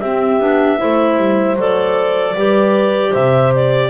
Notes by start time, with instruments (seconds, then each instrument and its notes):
0.00 double bass C4, clarinet C4 E5, horn G4
0.40 double bass B3, clarinet D4
0.77 double bass A3, clarinet E4, horn C5
1.17 double bass G3
1.56 double bass F#3, clarinet A4 D5
2.35 double bass G3, clarinet G4, horn B4
3.10 double bass C3, horn C5, clarinet E5
3.55 clarinet D5